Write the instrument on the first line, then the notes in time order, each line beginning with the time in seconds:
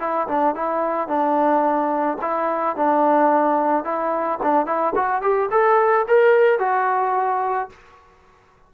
trombone
0.00 E4
0.28 D4
0.55 E4
1.08 D4
2.22 E4
2.76 D4
3.84 E4
4.43 D4
4.66 E4
4.95 F#4
5.22 G4
5.51 A4
6.08 A#4
6.59 F#4